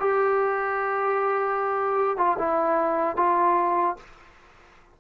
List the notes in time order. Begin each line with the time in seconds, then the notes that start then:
0.00 G4
2.17 F4
2.39 E4
3.17 F4